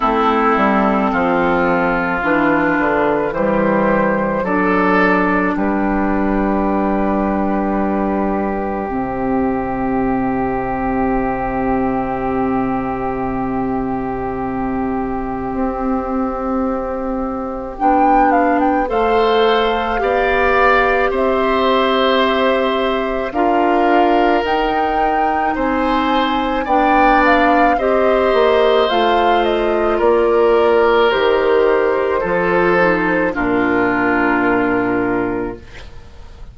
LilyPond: <<
  \new Staff \with { instrumentName = "flute" } { \time 4/4 \tempo 4 = 54 a'2 b'4 c''4 | d''4 b'2. | e''1~ | e''1 |
g''8 f''16 g''16 f''2 e''4~ | e''4 f''4 g''4 gis''4 | g''8 f''8 dis''4 f''8 dis''8 d''4 | c''2 ais'2 | }
  \new Staff \with { instrumentName = "oboe" } { \time 4/4 e'4 f'2 g'4 | a'4 g'2.~ | g'1~ | g'1~ |
g'4 c''4 d''4 c''4~ | c''4 ais'2 c''4 | d''4 c''2 ais'4~ | ais'4 a'4 f'2 | }
  \new Staff \with { instrumentName = "clarinet" } { \time 4/4 c'2 d'4 g4 | d'1 | c'1~ | c'1 |
d'4 a'4 g'2~ | g'4 f'4 dis'2 | d'4 g'4 f'2 | g'4 f'8 dis'8 d'2 | }
  \new Staff \with { instrumentName = "bassoon" } { \time 4/4 a8 g8 f4 e8 d8 e4 | fis4 g2. | c1~ | c2 c'2 |
b4 a4 b4 c'4~ | c'4 d'4 dis'4 c'4 | b4 c'8 ais8 a4 ais4 | dis4 f4 ais,2 | }
>>